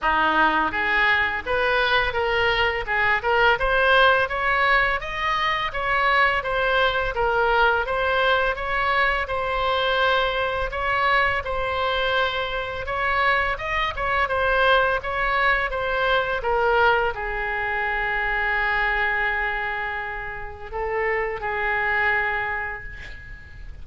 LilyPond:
\new Staff \with { instrumentName = "oboe" } { \time 4/4 \tempo 4 = 84 dis'4 gis'4 b'4 ais'4 | gis'8 ais'8 c''4 cis''4 dis''4 | cis''4 c''4 ais'4 c''4 | cis''4 c''2 cis''4 |
c''2 cis''4 dis''8 cis''8 | c''4 cis''4 c''4 ais'4 | gis'1~ | gis'4 a'4 gis'2 | }